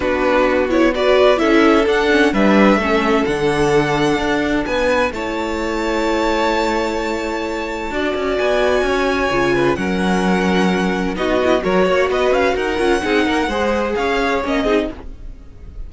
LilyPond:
<<
  \new Staff \with { instrumentName = "violin" } { \time 4/4 \tempo 4 = 129 b'4. cis''8 d''4 e''4 | fis''4 e''2 fis''4~ | fis''2 gis''4 a''4~ | a''1~ |
a''2 gis''2~ | gis''4 fis''2. | dis''4 cis''4 dis''8 f''8 fis''4~ | fis''2 f''4 dis''4 | }
  \new Staff \with { instrumentName = "violin" } { \time 4/4 fis'2 b'4 a'4~ | a'4 b'4 a'2~ | a'2 b'4 cis''4~ | cis''1~ |
cis''4 d''2 cis''4~ | cis''8 b'8 ais'2. | fis'4 ais'8 cis''8 b'4 ais'4 | gis'8 ais'8 c''4 cis''4. gis'8 | }
  \new Staff \with { instrumentName = "viola" } { \time 4/4 d'4. e'8 fis'4 e'4 | d'8 cis'8 d'4 cis'4 d'4~ | d'2. e'4~ | e'1~ |
e'4 fis'2. | f'4 cis'2. | dis'8 e'8 fis'2~ fis'8 f'8 | dis'4 gis'2 cis'8 dis'8 | }
  \new Staff \with { instrumentName = "cello" } { \time 4/4 b2. cis'4 | d'4 g4 a4 d4~ | d4 d'4 b4 a4~ | a1~ |
a4 d'8 cis'8 b4 cis'4 | cis4 fis2. | b4 fis8 ais8 b8 cis'8 dis'8 cis'8 | c'8 ais8 gis4 cis'4 ais8 c'8 | }
>>